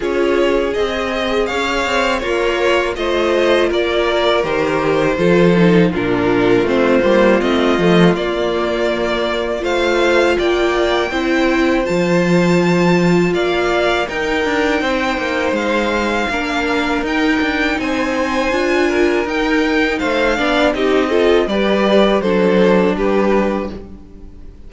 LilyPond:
<<
  \new Staff \with { instrumentName = "violin" } { \time 4/4 \tempo 4 = 81 cis''4 dis''4 f''4 cis''4 | dis''4 d''4 c''2 | ais'4 c''4 dis''4 d''4~ | d''4 f''4 g''2 |
a''2 f''4 g''4~ | g''4 f''2 g''4 | gis''2 g''4 f''4 | dis''4 d''4 c''4 b'4 | }
  \new Staff \with { instrumentName = "violin" } { \time 4/4 gis'2 cis''4 f'4 | c''4 ais'2 a'4 | f'1~ | f'4 c''4 d''4 c''4~ |
c''2 d''4 ais'4 | c''2 ais'2 | c''4. ais'4. c''8 d''8 | g'8 a'8 b'4 a'4 g'4 | }
  \new Staff \with { instrumentName = "viola" } { \time 4/4 f'4 gis'2 ais'4 | f'2 g'4 f'8 dis'8 | d'4 c'8 ais8 c'8 a8 ais4~ | ais4 f'2 e'4 |
f'2. dis'4~ | dis'2 d'4 dis'4~ | dis'4 f'4 dis'4. d'8 | dis'8 f'8 g'4 d'2 | }
  \new Staff \with { instrumentName = "cello" } { \time 4/4 cis'4 c'4 cis'8 c'8 ais4 | a4 ais4 dis4 f4 | ais,4 a8 g8 a8 f8 ais4~ | ais4 a4 ais4 c'4 |
f2 ais4 dis'8 d'8 | c'8 ais8 gis4 ais4 dis'8 d'8 | c'4 d'4 dis'4 a8 b8 | c'4 g4 fis4 g4 | }
>>